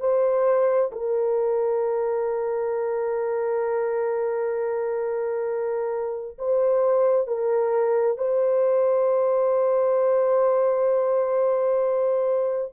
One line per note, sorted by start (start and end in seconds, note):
0.00 0.91 C5
0.92 6.38 A#4
6.38 7.27 C5
7.27 8.18 A#4
8.18 12.72 C5